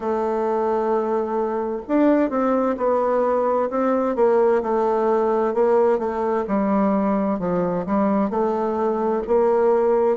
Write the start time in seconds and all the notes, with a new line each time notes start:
0.00 A3
1.88 D4
2.30 C4
2.77 B3
3.70 C4
4.15 A#3
4.62 A3
5.53 A#3
5.98 A3
6.47 G3
7.38 F3
7.85 G3
8.30 A3
9.27 A#3